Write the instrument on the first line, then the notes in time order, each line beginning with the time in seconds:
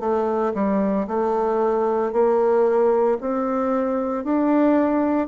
bassoon
0.00 A3
0.55 G3
1.08 A3
2.13 A#3
3.21 C4
4.24 D4